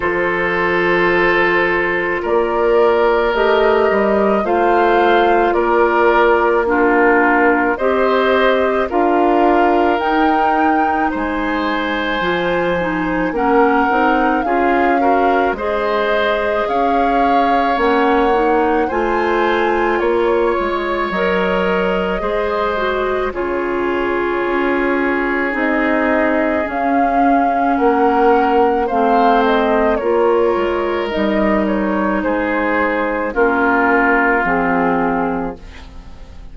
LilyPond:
<<
  \new Staff \with { instrumentName = "flute" } { \time 4/4 \tempo 4 = 54 c''2 d''4 dis''4 | f''4 d''4 ais'4 dis''4 | f''4 g''4 gis''2 | fis''4 f''4 dis''4 f''4 |
fis''4 gis''4 cis''4 dis''4~ | dis''4 cis''2 dis''4 | f''4 fis''4 f''8 dis''8 cis''4 | dis''8 cis''8 c''4 ais'4 gis'4 | }
  \new Staff \with { instrumentName = "oboe" } { \time 4/4 a'2 ais'2 | c''4 ais'4 f'4 c''4 | ais'2 c''2 | ais'4 gis'8 ais'8 c''4 cis''4~ |
cis''4 c''4 cis''2 | c''4 gis'2.~ | gis'4 ais'4 c''4 ais'4~ | ais'4 gis'4 f'2 | }
  \new Staff \with { instrumentName = "clarinet" } { \time 4/4 f'2. g'4 | f'2 d'4 g'4 | f'4 dis'2 f'8 dis'8 | cis'8 dis'8 f'8 fis'8 gis'2 |
cis'8 dis'8 f'2 ais'4 | gis'8 fis'8 f'2 dis'4 | cis'2 c'4 f'4 | dis'2 cis'4 c'4 | }
  \new Staff \with { instrumentName = "bassoon" } { \time 4/4 f2 ais4 a8 g8 | a4 ais2 c'4 | d'4 dis'4 gis4 f4 | ais8 c'8 cis'4 gis4 cis'4 |
ais4 a4 ais8 gis8 fis4 | gis4 cis4 cis'4 c'4 | cis'4 ais4 a4 ais8 gis8 | g4 gis4 ais4 f4 | }
>>